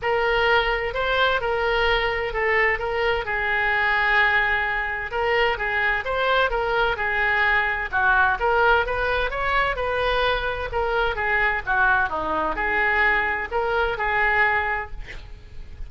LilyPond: \new Staff \with { instrumentName = "oboe" } { \time 4/4 \tempo 4 = 129 ais'2 c''4 ais'4~ | ais'4 a'4 ais'4 gis'4~ | gis'2. ais'4 | gis'4 c''4 ais'4 gis'4~ |
gis'4 fis'4 ais'4 b'4 | cis''4 b'2 ais'4 | gis'4 fis'4 dis'4 gis'4~ | gis'4 ais'4 gis'2 | }